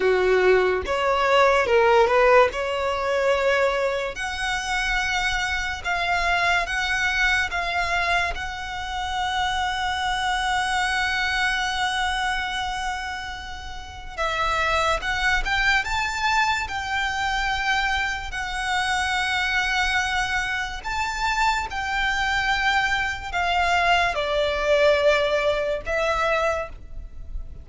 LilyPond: \new Staff \with { instrumentName = "violin" } { \time 4/4 \tempo 4 = 72 fis'4 cis''4 ais'8 b'8 cis''4~ | cis''4 fis''2 f''4 | fis''4 f''4 fis''2~ | fis''1~ |
fis''4 e''4 fis''8 g''8 a''4 | g''2 fis''2~ | fis''4 a''4 g''2 | f''4 d''2 e''4 | }